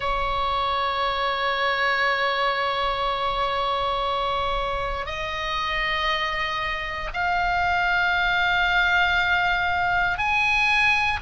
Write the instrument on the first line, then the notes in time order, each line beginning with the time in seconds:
oboe
0.00 C#5
5.06 D#5
7.13 F5
10.17 G#5